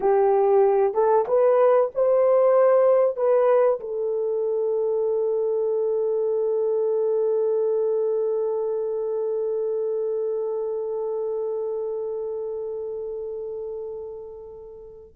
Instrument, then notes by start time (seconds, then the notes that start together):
horn
0.00 G4
0.93 A4
1.27 B4
1.94 C5
3.16 B4
3.80 A4